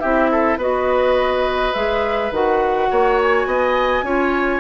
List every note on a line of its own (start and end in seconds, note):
0.00 0.57 C4
0.00 0.60 E4
0.00 0.30 G4
0.00 0.58 E5
0.32 0.58 A4
0.57 1.73 B3
0.57 1.74 F#4
0.57 2.89 B4
0.57 1.74 D#5
1.74 2.31 G#3
1.74 2.32 G#4
1.74 2.32 E5
2.31 2.89 D#3
2.31 4.05 F#4
2.31 3.20 F#5
2.91 3.46 A#3
2.91 3.48 C#5
3.22 4.60 G#5
3.46 4.03 B3
3.46 4.05 D#5
4.03 4.60 C#4
4.03 4.60 F4
4.03 4.60 C#5